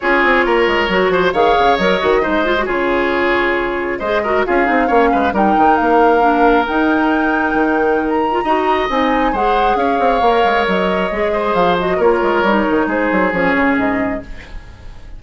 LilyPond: <<
  \new Staff \with { instrumentName = "flute" } { \time 4/4 \tempo 4 = 135 cis''2. f''4 | dis''2 cis''2~ | cis''4 dis''4 f''2 | g''4 f''2 g''4~ |
g''2~ g''16 ais''4.~ ais''16 | gis''4 fis''4 f''2 | dis''2 f''8 dis''8 cis''4~ | cis''4 c''4 cis''4 dis''4 | }
  \new Staff \with { instrumentName = "oboe" } { \time 4/4 gis'4 ais'4. c''8 cis''4~ | cis''4 c''4 gis'2~ | gis'4 c''8 ais'8 gis'4 cis''8 b'8 | ais'1~ |
ais'2. dis''4~ | dis''4 c''4 cis''2~ | cis''4. c''4. ais'4~ | ais'4 gis'2. | }
  \new Staff \with { instrumentName = "clarinet" } { \time 4/4 f'2 fis'4 gis'4 | ais'8 fis'8 dis'8 f'16 fis'16 f'2~ | f'4 gis'8 fis'8 f'8 dis'8 cis'4 | dis'2 d'4 dis'4~ |
dis'2~ dis'8. f'16 fis'4 | dis'4 gis'2 ais'4~ | ais'4 gis'4. fis'8 f'4 | dis'2 cis'2 | }
  \new Staff \with { instrumentName = "bassoon" } { \time 4/4 cis'8 c'8 ais8 gis8 fis8 f8 dis8 cis8 | fis8 dis8 gis4 cis2~ | cis4 gis4 cis'8 c'8 ais8 gis8 | g8 dis8 ais2 dis'4~ |
dis'4 dis2 dis'4 | c'4 gis4 cis'8 c'8 ais8 gis8 | fis4 gis4 f4 ais8 gis8 | g8 dis8 gis8 fis8 f8 cis8 gis,4 | }
>>